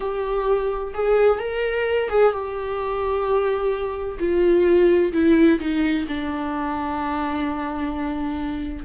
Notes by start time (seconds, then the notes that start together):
0.00 G4
0.94 G#4
1.39 A#4
2.09 G#4
2.32 G4
4.19 F4
5.12 E4
5.59 D#4
6.07 D4